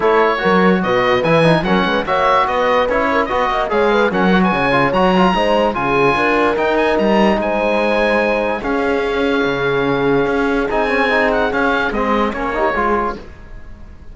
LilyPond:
<<
  \new Staff \with { instrumentName = "oboe" } { \time 4/4 \tempo 4 = 146 cis''2 dis''4 gis''4 | fis''4 e''4 dis''4 cis''4 | dis''4 f''4 fis''8. gis''4~ gis''16 | ais''2 gis''2 |
g''8 gis''8 ais''4 gis''2~ | gis''4 f''2.~ | f''2 gis''4. fis''8 | f''4 dis''4 cis''2 | }
  \new Staff \with { instrumentName = "horn" } { \time 4/4 a'4 ais'4 b'2 | ais'8 b'8 cis''4 b'4. ais'8 | b'8 dis''8 cis''8 b'8 ais'8. b'16 cis''4~ | cis''4 c''4 gis'4 ais'4~ |
ais'2 c''2~ | c''4 gis'2.~ | gis'1~ | gis'2~ gis'8 g'8 gis'4 | }
  \new Staff \with { instrumentName = "trombone" } { \time 4/4 e'4 fis'2 e'8 dis'8 | cis'4 fis'2 e'4 | fis'4 gis'4 cis'8 fis'4 f'8 | fis'8 f'8 dis'4 f'2 |
dis'1~ | dis'4 cis'2.~ | cis'2 dis'8 cis'8 dis'4 | cis'4 c'4 cis'8 dis'8 f'4 | }
  \new Staff \with { instrumentName = "cello" } { \time 4/4 a4 fis4 b,4 e4 | fis8 gis8 ais4 b4 cis'4 | b8 ais8 gis4 fis4 cis4 | fis4 gis4 cis4 d'4 |
dis'4 g4 gis2~ | gis4 cis'2 cis4~ | cis4 cis'4 c'2 | cis'4 gis4 ais4 gis4 | }
>>